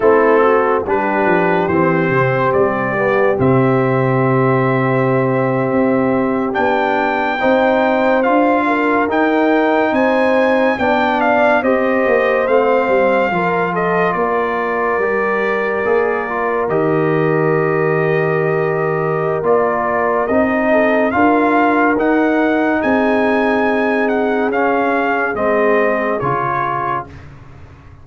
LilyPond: <<
  \new Staff \with { instrumentName = "trumpet" } { \time 4/4 \tempo 4 = 71 a'4 b'4 c''4 d''4 | e''2.~ e''8. g''16~ | g''4.~ g''16 f''4 g''4 gis''16~ | gis''8. g''8 f''8 dis''4 f''4~ f''16~ |
f''16 dis''8 d''2. dis''16~ | dis''2. d''4 | dis''4 f''4 fis''4 gis''4~ | gis''8 fis''8 f''4 dis''4 cis''4 | }
  \new Staff \with { instrumentName = "horn" } { \time 4/4 e'8 fis'8 g'2.~ | g'1~ | g'8. c''4. ais'4. c''16~ | c''8. d''4 c''2 ais'16~ |
ais'16 a'8 ais'2.~ ais'16~ | ais'1~ | ais'8 a'8 ais'2 gis'4~ | gis'1 | }
  \new Staff \with { instrumentName = "trombone" } { \time 4/4 c'4 d'4 c'4. b8 | c'2.~ c'8. d'16~ | d'8. dis'4 f'4 dis'4~ dis'16~ | dis'8. d'4 g'4 c'4 f'16~ |
f'4.~ f'16 g'4 gis'8 f'8 g'16~ | g'2. f'4 | dis'4 f'4 dis'2~ | dis'4 cis'4 c'4 f'4 | }
  \new Staff \with { instrumentName = "tuba" } { \time 4/4 a4 g8 f8 e8 c8 g4 | c2~ c8. c'4 b16~ | b8. c'4 d'4 dis'4 c'16~ | c'8. b4 c'8 ais8 a8 g8 f16~ |
f8. ais4 g4 ais4 dis16~ | dis2. ais4 | c'4 d'4 dis'4 c'4~ | c'4 cis'4 gis4 cis4 | }
>>